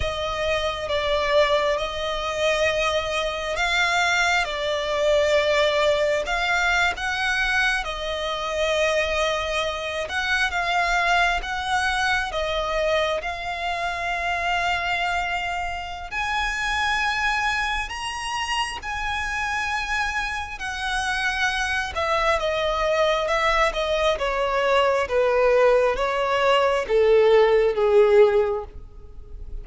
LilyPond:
\new Staff \with { instrumentName = "violin" } { \time 4/4 \tempo 4 = 67 dis''4 d''4 dis''2 | f''4 d''2 f''8. fis''16~ | fis''8. dis''2~ dis''8 fis''8 f''16~ | f''8. fis''4 dis''4 f''4~ f''16~ |
f''2 gis''2 | ais''4 gis''2 fis''4~ | fis''8 e''8 dis''4 e''8 dis''8 cis''4 | b'4 cis''4 a'4 gis'4 | }